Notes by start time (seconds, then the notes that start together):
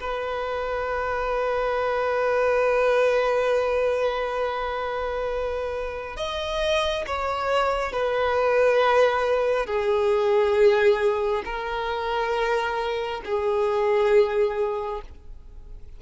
0.00 B4
6.16 D#5
7.07 C#5
7.92 B4
9.66 G#4
11.45 A#4
13.25 G#4